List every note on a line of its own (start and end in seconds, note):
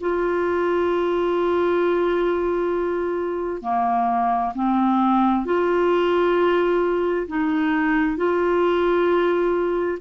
0.00 3.62 F4
3.62 4.53 A#3
4.55 5.45 C4
5.45 7.27 F4
7.28 8.17 D#4
8.17 9.98 F4